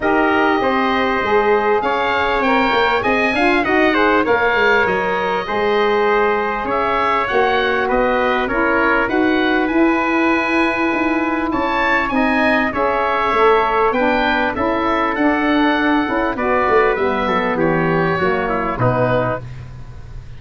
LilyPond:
<<
  \new Staff \with { instrumentName = "oboe" } { \time 4/4 \tempo 4 = 99 dis''2. f''4 | g''4 gis''4 fis''4 f''4 | dis''2. e''4 | fis''4 dis''4 cis''4 fis''4 |
gis''2. a''4 | gis''4 e''2 g''4 | e''4 fis''2 d''4 | e''4 cis''2 b'4 | }
  \new Staff \with { instrumentName = "trumpet" } { \time 4/4 ais'4 c''2 cis''4~ | cis''4 dis''8 f''8 dis''8 c''8 cis''4~ | cis''4 c''2 cis''4~ | cis''4 b'4 ais'4 b'4~ |
b'2. cis''4 | dis''4 cis''2 b'4 | a'2. b'4~ | b'8 a'8 g'4 fis'8 e'8 dis'4 | }
  \new Staff \with { instrumentName = "saxophone" } { \time 4/4 g'2 gis'2 | ais'4 gis'8 f'8 fis'8 gis'8 ais'4~ | ais'4 gis'2. | fis'2 e'4 fis'4 |
e'1 | dis'4 gis'4 a'4 d'4 | e'4 d'4. e'8 fis'4 | b2 ais4 b4 | }
  \new Staff \with { instrumentName = "tuba" } { \time 4/4 dis'4 c'4 gis4 cis'4 | c'8 ais8 c'8 d'8 dis'4 ais8 gis8 | fis4 gis2 cis'4 | ais4 b4 cis'4 dis'4 |
e'2 dis'4 cis'4 | c'4 cis'4 a4 b4 | cis'4 d'4. cis'8 b8 a8 | g8 fis8 e4 fis4 b,4 | }
>>